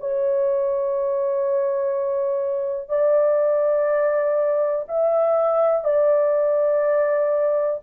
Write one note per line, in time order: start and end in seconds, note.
0.00 2.89 C#5
2.89 4.86 D5
4.88 5.84 E5
5.84 7.81 D5